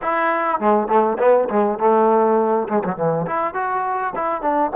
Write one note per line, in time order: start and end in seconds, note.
0.02 0.59 E4
0.59 0.87 G#3
0.87 1.17 A3
1.19 1.48 B3
1.49 1.78 G#3
1.78 2.68 A3
2.68 2.83 G#3
2.84 2.96 F#3
2.96 3.26 E3
3.26 3.54 E4
3.54 4.13 F#4
4.15 4.41 E4
4.41 4.71 D4